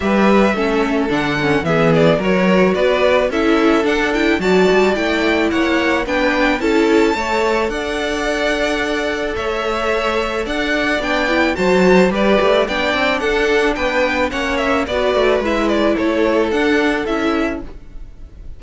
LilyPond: <<
  \new Staff \with { instrumentName = "violin" } { \time 4/4 \tempo 4 = 109 e''2 fis''4 e''8 d''8 | cis''4 d''4 e''4 fis''8 g''8 | a''4 g''4 fis''4 g''4 | a''2 fis''2~ |
fis''4 e''2 fis''4 | g''4 a''4 d''4 g''4 | fis''4 g''4 fis''8 e''8 d''4 | e''8 d''8 cis''4 fis''4 e''4 | }
  \new Staff \with { instrumentName = "violin" } { \time 4/4 b'4 a'2 gis'4 | ais'4 b'4 a'2 | d''2 cis''4 b'4 | a'4 cis''4 d''2~ |
d''4 cis''2 d''4~ | d''4 c''4 b'4 d''4 | a'4 b'4 cis''4 b'4~ | b'4 a'2. | }
  \new Staff \with { instrumentName = "viola" } { \time 4/4 g'4 cis'4 d'8 cis'8 b4 | fis'2 e'4 d'8 e'8 | fis'4 e'2 d'4 | e'4 a'2.~ |
a'1 | d'8 e'8 fis'4 g'4 d'4~ | d'2 cis'4 fis'4 | e'2 d'4 e'4 | }
  \new Staff \with { instrumentName = "cello" } { \time 4/4 g4 a4 d4 e4 | fis4 b4 cis'4 d'4 | fis8 g8 a4 ais4 b4 | cis'4 a4 d'2~ |
d'4 a2 d'4 | b4 fis4 g8 a8 b8 c'8 | d'4 b4 ais4 b8 a8 | gis4 a4 d'4 cis'4 | }
>>